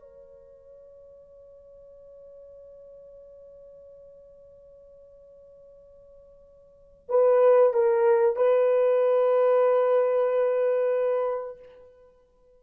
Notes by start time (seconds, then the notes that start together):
0.00 C#5
7.10 B4
7.74 A#4
8.37 B4